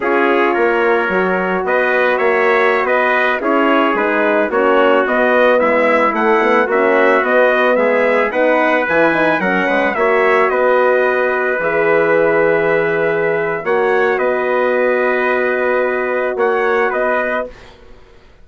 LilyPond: <<
  \new Staff \with { instrumentName = "trumpet" } { \time 4/4 \tempo 4 = 110 cis''2. dis''4 | e''4~ e''16 dis''4 cis''4 b'8.~ | b'16 cis''4 dis''4 e''4 fis''8.~ | fis''16 e''4 dis''4 e''4 fis''8.~ |
fis''16 gis''4 fis''4 e''4 dis''8.~ | dis''4~ dis''16 e''2~ e''8.~ | e''4 fis''4 dis''2~ | dis''2 fis''4 dis''4 | }
  \new Staff \with { instrumentName = "trumpet" } { \time 4/4 gis'4 ais'2 b'4 | cis''4~ cis''16 b'4 gis'4.~ gis'16~ | gis'16 fis'2 e'4.~ e'16~ | e'16 fis'2 gis'4 b'8.~ |
b'4~ b'16 ais'8 b'8 cis''4 b'8.~ | b'1~ | b'4 cis''4 b'2~ | b'2 cis''4 b'4 | }
  \new Staff \with { instrumentName = "horn" } { \time 4/4 f'2 fis'2~ | fis'2~ fis'16 e'4 dis'8.~ | dis'16 cis'4 b2 a8 b16~ | b16 cis'4 b2 dis'8.~ |
dis'16 e'8 dis'8 cis'4 fis'4.~ fis'16~ | fis'4~ fis'16 gis'2~ gis'8.~ | gis'4 fis'2.~ | fis'1 | }
  \new Staff \with { instrumentName = "bassoon" } { \time 4/4 cis'4 ais4 fis4 b4 | ais4~ ais16 b4 cis'4 gis8.~ | gis16 ais4 b4 gis4 a8.~ | a16 ais4 b4 gis4 b8.~ |
b16 e4 fis8 gis8 ais4 b8.~ | b4~ b16 e2~ e8.~ | e4 ais4 b2~ | b2 ais4 b4 | }
>>